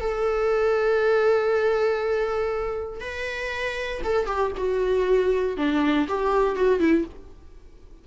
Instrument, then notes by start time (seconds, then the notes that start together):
viola
0.00 A4
3.00 B4
4.04 A4
4.26 G4
4.57 F#4
5.57 D4
6.08 G4
6.56 F#4
6.79 E4